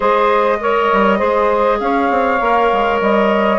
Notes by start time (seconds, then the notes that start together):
0.00 G#3 G#4 C5 D#5
0.60 A#4 C#5
0.92 G3
1.18 G#3 G#4 C5
1.79 C#4 C#5 F5
2.10 C4
2.40 A#3 A#4
2.72 G#3
3.00 G3 D#5